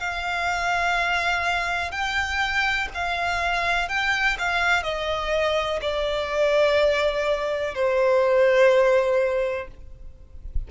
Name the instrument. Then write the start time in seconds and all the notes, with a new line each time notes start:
violin
0.00 F5
1.91 G5
2.94 F5
3.89 G5
4.39 F5
4.83 D#5
5.81 D5
7.75 C5